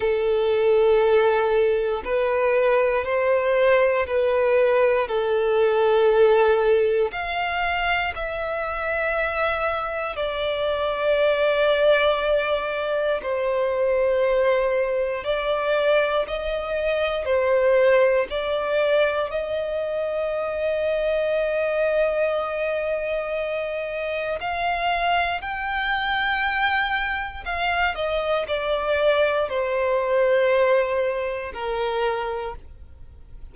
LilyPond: \new Staff \with { instrumentName = "violin" } { \time 4/4 \tempo 4 = 59 a'2 b'4 c''4 | b'4 a'2 f''4 | e''2 d''2~ | d''4 c''2 d''4 |
dis''4 c''4 d''4 dis''4~ | dis''1 | f''4 g''2 f''8 dis''8 | d''4 c''2 ais'4 | }